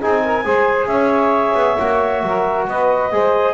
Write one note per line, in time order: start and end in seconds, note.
0.00 0.46 C4
0.00 0.45 D#4
0.00 0.22 G#4
0.00 0.87 G#5
0.24 0.45 A#4
0.45 0.87 G#3
0.45 1.78 G#4
0.45 0.89 C5
0.87 1.54 C#4
0.87 2.24 C#5
0.87 2.65 E5
1.55 1.77 B3
1.79 2.23 A#3
1.79 3.12 F#4
2.23 2.68 F#3
2.23 2.69 A#4
2.68 3.12 B3
2.68 3.14 B4
2.68 3.54 D#5
3.12 3.54 G#3
3.12 3.54 G#4
3.12 3.54 C5